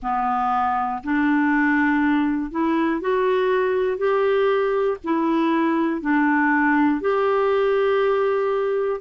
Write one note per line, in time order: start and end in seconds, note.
0.02 1.02 B3
1.03 2.50 D4
2.50 3.00 E4
3.00 3.97 F#4
3.97 4.97 G4
5.04 6.01 E4
6.01 7.00 D4
7.00 9.00 G4